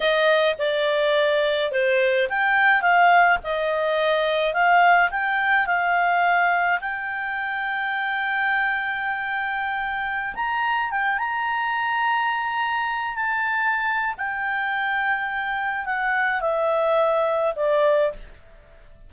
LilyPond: \new Staff \with { instrumentName = "clarinet" } { \time 4/4 \tempo 4 = 106 dis''4 d''2 c''4 | g''4 f''4 dis''2 | f''4 g''4 f''2 | g''1~ |
g''2~ g''16 ais''4 g''8 ais''16~ | ais''2.~ ais''16 a''8.~ | a''4 g''2. | fis''4 e''2 d''4 | }